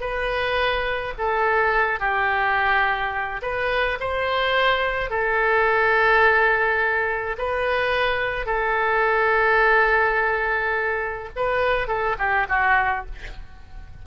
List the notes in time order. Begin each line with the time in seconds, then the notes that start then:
0.00 B4
1.18 A4
1.99 G4
3.41 B4
4.00 C5
5.10 A4
7.38 B4
8.46 A4
11.36 B4
11.87 A4
12.18 G4
12.49 F#4